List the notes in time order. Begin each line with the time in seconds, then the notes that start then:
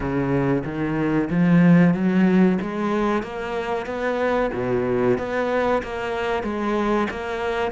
0.00 C#3
0.65 D#3
1.29 F3
1.94 F#3
2.61 G#3
3.22 A#3
3.86 B3
4.53 B2
5.18 B3
5.82 A#3
6.43 G#3
7.10 A#3